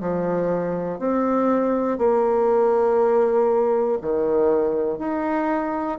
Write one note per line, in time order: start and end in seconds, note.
0.00 0.99 F3
0.99 1.98 C4
1.98 3.98 A#3
4.01 4.99 D#3
4.99 5.99 D#4